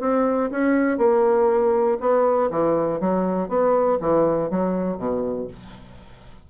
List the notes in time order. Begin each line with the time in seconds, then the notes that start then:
0.00 C4
0.51 C#4
0.98 A#3
2.00 B3
2.51 E3
3.00 F#3
3.48 B3
4.01 E3
4.50 F#3
4.97 B2